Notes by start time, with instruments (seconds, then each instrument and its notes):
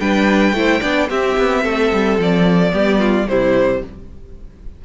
0.00 cello G3, viola D4, violin B4 G5
0.53 cello A3, viola E4, violin C5
0.80 cello B3, viola D4, violin D5
1.09 viola C4, cello C4, violin G4 E5
1.38 cello B3
1.63 cello A3, violin A4
1.93 cello G3
2.18 cello F3, violin D5
2.70 cello G3, viola B3, violin G4
3.00 violin F4
3.27 cello C3, viola G3, violin E4 C5